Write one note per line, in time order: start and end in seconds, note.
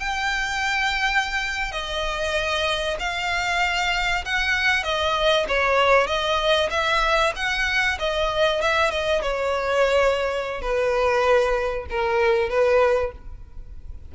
0.00 1.72 G5
1.72 2.97 D#5
3.00 4.25 F5
4.25 4.84 F#5
4.84 5.46 D#5
5.48 6.07 C#5
6.07 6.70 D#5
6.70 7.33 E5
7.36 7.99 F#5
7.99 8.62 D#5
8.62 8.91 E5
8.91 9.22 D#5
9.22 10.62 C#5
10.62 11.87 B4
11.90 12.49 A#4
12.49 13.12 B4